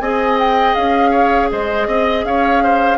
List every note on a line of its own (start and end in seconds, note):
0.00 0.75 C4
0.00 2.98 G#4
0.00 1.11 D#5
0.00 0.38 G#5
0.39 0.75 G5
0.75 1.51 C#4
0.75 1.50 F5
1.11 1.48 C#5
1.51 1.87 G#3
1.51 1.87 C5
1.51 2.25 D#5
1.87 2.24 C4
1.87 2.25 D#5
2.24 2.98 C#4
2.24 2.63 C#5
2.24 2.98 F5
2.63 2.98 C5